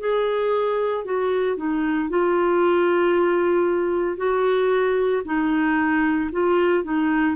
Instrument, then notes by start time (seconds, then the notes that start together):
clarinet
0.00 G#4
1.05 F#4
1.57 D#4
2.10 F4
4.18 F#4
5.25 D#4
6.33 F4
6.84 D#4